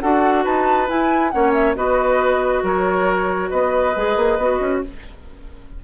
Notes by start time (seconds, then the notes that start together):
0.00 D4 F#4 A4 F#5
0.43 D#4 B4 A5
0.87 E4 G#5
1.30 A#3 C#4 C#5 F#5
1.53 E5
1.75 B3 F#4 B4 D#5
2.63 F#3 A#4 C#5
3.50 B3 B4 D#5
3.95 G#3 G#4
4.16 A#3
4.38 B3 F#4
4.60 C#4